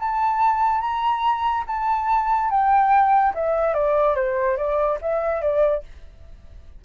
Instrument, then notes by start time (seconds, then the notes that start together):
flute
0.00 A5
0.81 A#5
1.67 A5
2.51 G5
3.35 E5
3.74 D5
4.16 C5
4.57 D5
5.02 E5
5.42 D5